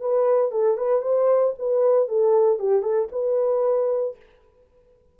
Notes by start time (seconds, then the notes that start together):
0.00 B4
0.51 A4
0.77 B4
1.02 C5
1.59 B4
2.08 A4
2.59 G4
2.82 A4
3.12 B4